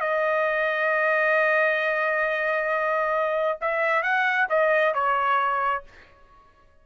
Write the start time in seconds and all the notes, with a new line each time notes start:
0.00 D#5
3.61 E5
4.02 F#5
4.49 D#5
4.94 C#5